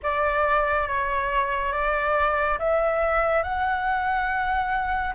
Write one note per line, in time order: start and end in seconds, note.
0.02 0.88 D5
0.88 1.72 C#5
1.72 2.58 D5
2.58 3.43 E5
3.43 5.14 F#5